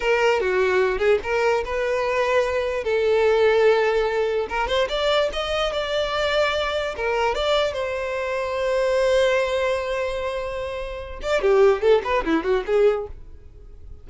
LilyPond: \new Staff \with { instrumentName = "violin" } { \time 4/4 \tempo 4 = 147 ais'4 fis'4. gis'8 ais'4 | b'2. a'4~ | a'2. ais'8 c''8 | d''4 dis''4 d''2~ |
d''4 ais'4 d''4 c''4~ | c''1~ | c''2.~ c''8 d''8 | g'4 a'8 b'8 e'8 fis'8 gis'4 | }